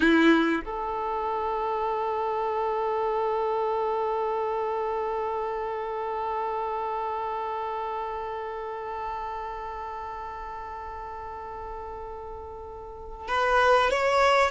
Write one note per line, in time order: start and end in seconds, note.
0.00 0.61 E4
0.65 13.28 A4
13.28 13.90 B4
13.90 14.51 C#5